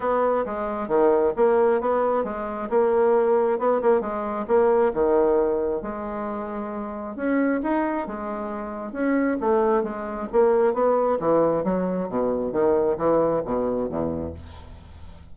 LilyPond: \new Staff \with { instrumentName = "bassoon" } { \time 4/4 \tempo 4 = 134 b4 gis4 dis4 ais4 | b4 gis4 ais2 | b8 ais8 gis4 ais4 dis4~ | dis4 gis2. |
cis'4 dis'4 gis2 | cis'4 a4 gis4 ais4 | b4 e4 fis4 b,4 | dis4 e4 b,4 e,4 | }